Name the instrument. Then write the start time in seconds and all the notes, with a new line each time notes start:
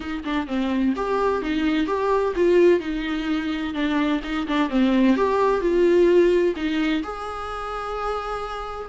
viola
0.00 D#4
0.24 D4
0.47 C4
0.95 G4
1.41 D#4
1.86 G4
2.35 F4
2.80 D#4
3.74 D4
4.23 D#4
4.47 D4
4.69 C4
5.16 G4
5.60 F4
6.56 D#4
7.03 G#4